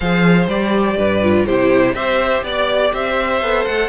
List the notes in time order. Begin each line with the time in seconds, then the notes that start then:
0.00 F3 G#4 C5 F5
0.47 G3 G4 D5
0.96 G2 B4
1.23 F4
1.46 C3 E4 G4 C5
1.93 C4 G4 C5 E5
2.43 B3 D5
2.93 C4 C5 E5
3.42 B3 A4
3.65 A3 F#5